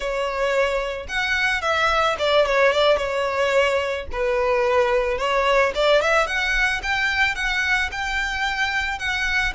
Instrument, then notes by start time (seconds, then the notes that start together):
violin
0.00 C#5
1.08 F#5
1.61 E5
2.18 D5
2.46 C#5
2.72 D5
2.97 C#5
4.12 B4
5.17 C#5
5.74 D5
6.01 E5
6.26 F#5
6.82 G5
7.35 F#5
7.91 G5
8.99 F#5